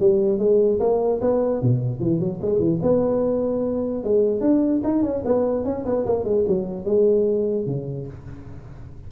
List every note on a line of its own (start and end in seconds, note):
0.00 0.39 G3
0.39 0.79 G#3
0.80 1.21 A#3
1.21 1.62 B3
1.62 2.00 B2
2.00 2.20 E3
2.20 2.40 F#3
2.42 2.59 G#3
2.59 2.80 E3
2.82 4.04 B3
4.04 4.41 G#3
4.41 4.82 D4
4.84 5.03 D#4
5.03 5.23 C#4
5.25 5.65 B3
5.65 5.85 C#4
5.85 6.06 B3
6.06 6.24 A#3
6.24 6.45 G#3
6.48 6.85 F#3
6.85 7.66 G#3
7.66 8.07 C#3